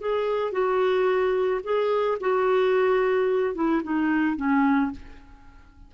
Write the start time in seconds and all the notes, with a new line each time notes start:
0.00 G#4
0.51 F#4
1.63 G#4
2.20 F#4
3.54 E4
3.83 D#4
4.36 C#4